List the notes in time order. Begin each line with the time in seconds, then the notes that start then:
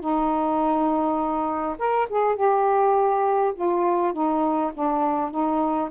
0.00 D#4
1.78 A#4
2.09 G#4
2.36 G4
3.55 F4
4.13 D#4
4.74 D4
5.30 D#4